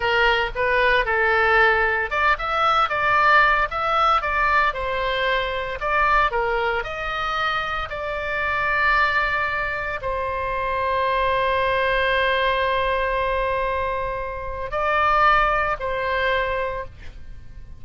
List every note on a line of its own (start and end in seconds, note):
0.00 0.50 A#4
0.55 1.05 B4
1.05 2.10 A4
2.10 2.37 D5
2.38 2.89 E5
2.89 3.68 D5
3.70 4.21 E5
4.21 4.73 D5
4.73 5.78 C5
5.80 6.31 D5
6.31 6.83 A#4
6.83 7.88 D#5
7.89 10.00 D5
10.01 14.71 C5
14.71 15.76 D5
15.79 16.84 C5